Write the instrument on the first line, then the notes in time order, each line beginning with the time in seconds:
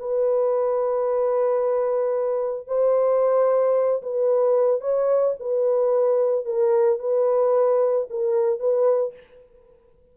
horn
0.00 B4
2.67 C5
4.03 B4
4.81 C#5
5.40 B4
6.45 A#4
6.99 B4
8.10 A#4
8.60 B4